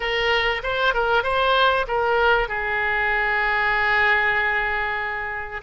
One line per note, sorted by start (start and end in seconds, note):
0.00 0.62 A#4
0.62 0.93 C5
0.93 1.23 A#4
1.23 1.86 C5
1.87 2.48 A#4
2.48 5.61 G#4